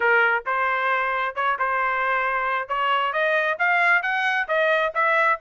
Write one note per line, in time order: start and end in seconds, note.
0.00 0.44 A#4
0.46 1.35 C5
1.35 1.57 C#5
1.58 2.68 C5
2.68 3.12 C#5
3.12 3.57 D#5
3.59 4.02 F5
4.02 4.47 F#5
4.48 4.92 D#5
4.94 5.39 E5